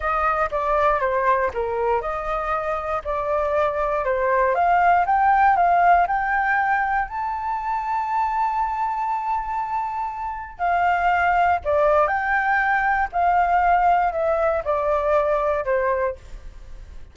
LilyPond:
\new Staff \with { instrumentName = "flute" } { \time 4/4 \tempo 4 = 119 dis''4 d''4 c''4 ais'4 | dis''2 d''2 | c''4 f''4 g''4 f''4 | g''2 a''2~ |
a''1~ | a''4 f''2 d''4 | g''2 f''2 | e''4 d''2 c''4 | }